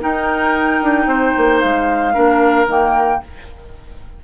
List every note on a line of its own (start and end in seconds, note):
0.00 2.12 D#4
0.00 0.81 D#4
0.00 1.07 A#4
0.00 1.60 G5
0.81 1.06 D4
1.06 1.32 C4
1.06 2.13 C5
1.37 1.63 A#3
1.60 2.16 G#3
1.60 2.66 F5
2.13 2.66 A#3
2.13 2.67 D4
2.13 3.19 A#4
2.66 3.20 D#3
2.66 3.21 A#3
2.66 3.23 G5